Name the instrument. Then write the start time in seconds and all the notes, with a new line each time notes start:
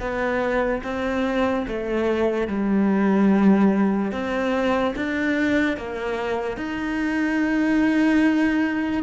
cello
0.00 B3
0.84 C4
1.67 A3
2.47 G3
4.12 C4
4.96 D4
5.77 A#3
6.57 D#4